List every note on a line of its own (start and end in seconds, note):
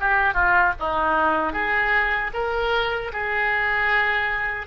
0.00 0.34 G4
0.34 0.73 F4
0.80 1.53 D#4
1.53 2.31 G#4
2.34 3.12 A#4
3.13 4.67 G#4